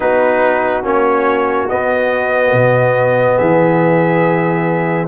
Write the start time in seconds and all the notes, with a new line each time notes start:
0.00 B3 D#4 F#4 B4
0.83 A#3 C#4 C#5
1.68 B3 D#5
2.52 B2
3.37 E3 G#4 E5